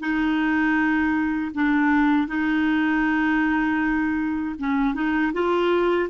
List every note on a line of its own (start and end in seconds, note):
0.00 1.52 D#4
1.55 2.28 D4
2.28 4.56 D#4
4.59 4.95 C#4
4.95 5.33 D#4
5.33 6.09 F4